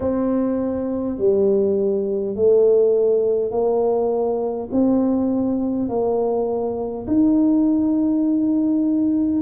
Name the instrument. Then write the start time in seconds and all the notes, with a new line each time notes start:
tuba
0.00 C4
1.18 G3
2.35 A3
3.51 A#3
4.71 C4
5.88 A#3
7.06 D#4